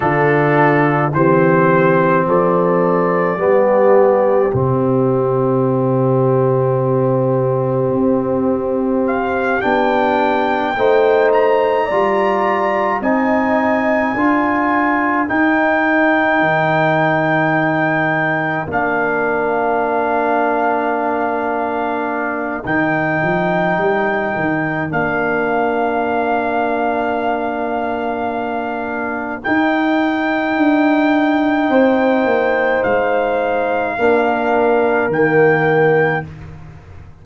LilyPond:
<<
  \new Staff \with { instrumentName = "trumpet" } { \time 4/4 \tempo 4 = 53 a'4 c''4 d''2 | e''1 | f''8 g''4. ais''4. gis''8~ | gis''4. g''2~ g''8~ |
g''8 f''2.~ f''8 | g''2 f''2~ | f''2 g''2~ | g''4 f''2 g''4 | }
  \new Staff \with { instrumentName = "horn" } { \time 4/4 f'4 g'4 a'4 g'4~ | g'1~ | g'4. c''4 d''4 dis''8~ | dis''8 ais'2.~ ais'8~ |
ais'1~ | ais'1~ | ais'1 | c''2 ais'2 | }
  \new Staff \with { instrumentName = "trombone" } { \time 4/4 d'4 c'2 b4 | c'1~ | c'8 d'4 dis'4 f'4 dis'8~ | dis'8 f'4 dis'2~ dis'8~ |
dis'8 d'2.~ d'8 | dis'2 d'2~ | d'2 dis'2~ | dis'2 d'4 ais4 | }
  \new Staff \with { instrumentName = "tuba" } { \time 4/4 d4 e4 f4 g4 | c2. c'4~ | c'8 b4 a4 g4 c'8~ | c'8 d'4 dis'4 dis4.~ |
dis8 ais2.~ ais8 | dis8 f8 g8 dis8 ais2~ | ais2 dis'4 d'4 | c'8 ais8 gis4 ais4 dis4 | }
>>